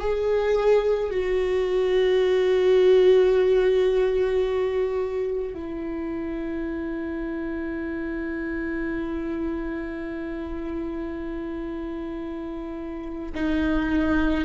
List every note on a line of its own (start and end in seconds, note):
0.00 1.11 G#4
1.11 5.55 F#4
5.55 13.32 E4
13.35 14.45 D#4